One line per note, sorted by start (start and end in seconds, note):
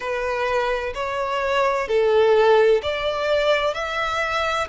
0.00 0.93 B4
0.94 1.87 C#5
1.87 2.81 A4
2.82 3.74 D5
3.74 4.67 E5